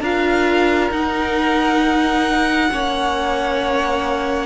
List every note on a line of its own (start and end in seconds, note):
0.00 0.90 D4
0.00 0.91 F4
0.00 2.69 A#4
0.00 0.91 F5
0.90 2.69 D#4
0.90 2.70 D#4
0.90 4.46 F#5
2.70 4.46 A#3
2.70 4.46 C#4
2.70 4.46 C#5